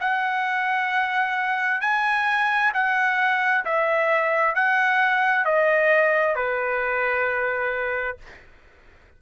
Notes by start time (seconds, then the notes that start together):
0.00 F#5
1.81 G#5
2.73 F#5
3.65 E5
4.55 F#5
5.45 D#5
6.35 B4